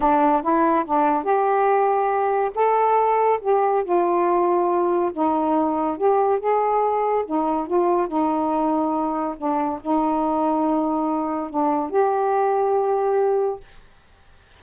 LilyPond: \new Staff \with { instrumentName = "saxophone" } { \time 4/4 \tempo 4 = 141 d'4 e'4 d'4 g'4~ | g'2 a'2 | g'4 f'2. | dis'2 g'4 gis'4~ |
gis'4 dis'4 f'4 dis'4~ | dis'2 d'4 dis'4~ | dis'2. d'4 | g'1 | }